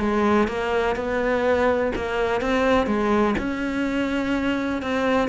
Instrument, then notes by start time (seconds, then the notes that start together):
cello
0.00 G#3
0.48 A#3
0.96 B3
1.96 A#3
2.41 C4
2.87 G#3
3.38 C#4
4.82 C4